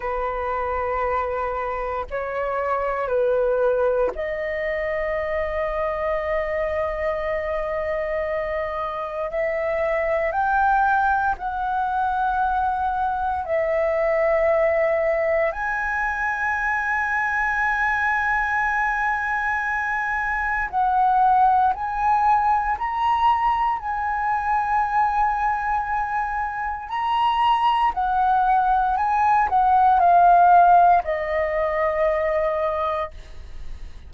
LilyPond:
\new Staff \with { instrumentName = "flute" } { \time 4/4 \tempo 4 = 58 b'2 cis''4 b'4 | dis''1~ | dis''4 e''4 g''4 fis''4~ | fis''4 e''2 gis''4~ |
gis''1 | fis''4 gis''4 ais''4 gis''4~ | gis''2 ais''4 fis''4 | gis''8 fis''8 f''4 dis''2 | }